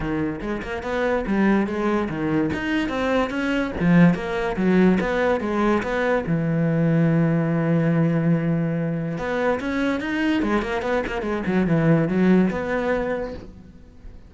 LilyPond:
\new Staff \with { instrumentName = "cello" } { \time 4/4 \tempo 4 = 144 dis4 gis8 ais8 b4 g4 | gis4 dis4 dis'4 c'4 | cis'4 f4 ais4 fis4 | b4 gis4 b4 e4~ |
e1~ | e2 b4 cis'4 | dis'4 gis8 ais8 b8 ais8 gis8 fis8 | e4 fis4 b2 | }